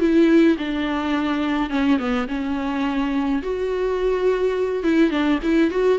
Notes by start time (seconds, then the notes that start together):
0.00 E4
0.58 D4
1.70 C#4
1.99 B3
2.28 C#4
3.43 F#4
4.84 E4
5.11 D4
5.43 E4
5.71 F#4